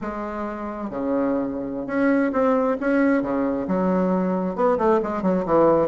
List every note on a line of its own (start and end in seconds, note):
0.01 0.89 G#3
0.89 1.87 C#3
1.87 2.31 C#4
2.32 2.77 C4
2.80 3.22 C#4
3.22 3.66 C#3
3.67 4.55 F#3
4.55 4.77 B3
4.78 5.00 A3
5.02 5.22 G#3
5.22 5.44 F#3
5.45 5.88 E3